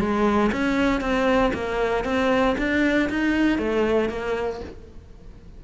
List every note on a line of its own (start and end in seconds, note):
0.00 0.51 G#3
0.52 1.01 C#4
1.01 1.52 C4
1.54 2.05 A#3
2.05 2.56 C4
2.59 3.10 D4
3.10 3.59 D#4
3.59 4.10 A3
4.10 4.61 A#3